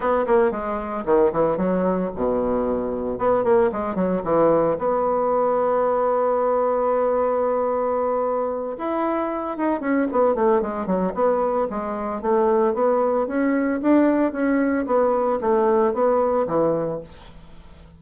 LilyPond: \new Staff \with { instrumentName = "bassoon" } { \time 4/4 \tempo 4 = 113 b8 ais8 gis4 dis8 e8 fis4 | b,2 b8 ais8 gis8 fis8 | e4 b2.~ | b1~ |
b8 e'4. dis'8 cis'8 b8 a8 | gis8 fis8 b4 gis4 a4 | b4 cis'4 d'4 cis'4 | b4 a4 b4 e4 | }